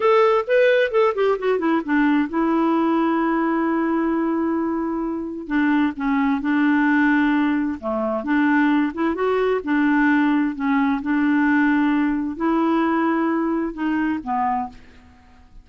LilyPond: \new Staff \with { instrumentName = "clarinet" } { \time 4/4 \tempo 4 = 131 a'4 b'4 a'8 g'8 fis'8 e'8 | d'4 e'2.~ | e'1 | d'4 cis'4 d'2~ |
d'4 a4 d'4. e'8 | fis'4 d'2 cis'4 | d'2. e'4~ | e'2 dis'4 b4 | }